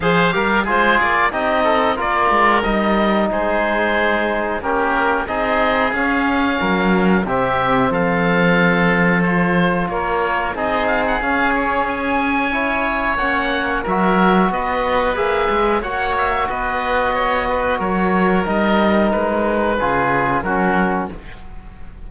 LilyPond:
<<
  \new Staff \with { instrumentName = "oboe" } { \time 4/4 \tempo 4 = 91 f''4 c''8 d''8 dis''4 d''4 | dis''4 c''2 ais'4 | dis''4 f''2 e''4 | f''2 c''4 cis''4 |
dis''8 f''16 fis''16 f''8 cis''8 gis''2 | fis''4 e''4 dis''4 e''4 | fis''8 e''8 dis''2 cis''4 | dis''4 b'2 ais'4 | }
  \new Staff \with { instrumentName = "oboe" } { \time 4/4 c''8 ais'8 gis'4 g'8 a'8 ais'4~ | ais'4 gis'2 g'4 | gis'2 ais'4 g'4 | a'2. ais'4 |
gis'2. cis''4~ | cis''4 ais'4 b'2 | cis''4 b'4 cis''8 b'8 ais'4~ | ais'2 gis'4 fis'4 | }
  \new Staff \with { instrumentName = "trombone" } { \time 4/4 gis'8 g'8 f'4 dis'4 f'4 | dis'2. cis'4 | dis'4 cis'2 c'4~ | c'2 f'2 |
dis'4 cis'2 e'4 | cis'4 fis'2 gis'4 | fis'1 | dis'2 f'4 cis'4 | }
  \new Staff \with { instrumentName = "cello" } { \time 4/4 f8 g8 gis8 ais8 c'4 ais8 gis8 | g4 gis2 ais4 | c'4 cis'4 fis4 c4 | f2. ais4 |
c'4 cis'2. | ais4 fis4 b4 ais8 gis8 | ais4 b2 fis4 | g4 gis4 cis4 fis4 | }
>>